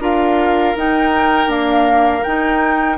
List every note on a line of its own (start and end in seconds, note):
0.00 0.74 D4
0.00 0.75 F4
0.00 2.97 A#4
0.00 0.78 F5
0.76 1.47 D#4
0.76 1.50 D#4
0.76 1.51 G5
1.47 2.24 A#3
1.47 2.21 D4
1.47 2.24 F5
2.24 2.98 D#4
2.24 2.98 G5